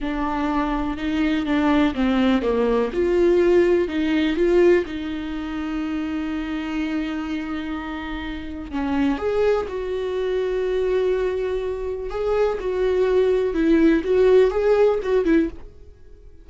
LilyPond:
\new Staff \with { instrumentName = "viola" } { \time 4/4 \tempo 4 = 124 d'2 dis'4 d'4 | c'4 ais4 f'2 | dis'4 f'4 dis'2~ | dis'1~ |
dis'2 cis'4 gis'4 | fis'1~ | fis'4 gis'4 fis'2 | e'4 fis'4 gis'4 fis'8 e'8 | }